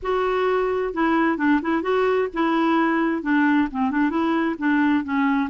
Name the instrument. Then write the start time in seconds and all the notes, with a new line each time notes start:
clarinet
0.02 F#4
0.93 E4
1.37 D4
1.62 E4
1.82 F#4
2.33 E4
3.22 D4
3.71 C4
3.90 D4
4.10 E4
4.58 D4
5.03 C#4